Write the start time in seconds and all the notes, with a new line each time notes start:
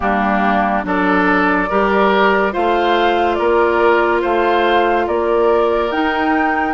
0.00 G3 A#3 D4 G4
0.83 F#3 D4 A4 D5
1.69 G3 G4 A#4
2.52 A3 F4 C5 F5
3.34 A#3 A#4 D5
4.21 A3 C5 F5
5.07 A#3 A#4 D5
5.91 D#4 G5